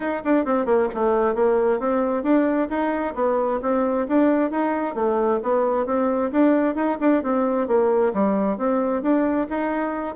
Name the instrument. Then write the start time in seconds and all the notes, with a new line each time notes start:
bassoon
0.00 D#4
0.24 D4
0.45 C4
0.65 A#3
0.94 A3
1.34 A#3
1.79 C4
2.23 D4
2.69 D#4
3.14 B3
3.62 C4
4.08 D4
4.51 D#4
4.95 A3
5.42 B3
5.86 C4
6.31 D4
6.75 D#4
7.00 D4
7.23 C4
7.67 A#3
8.13 G3
8.57 C4
9.02 D4
9.49 D#4